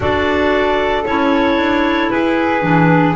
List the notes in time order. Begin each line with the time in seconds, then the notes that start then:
0.00 D4 F#4 A4 D5
1.04 C#4 E4 C#5
1.57 D4
2.10 E4 G#4 B4
2.61 E3 D4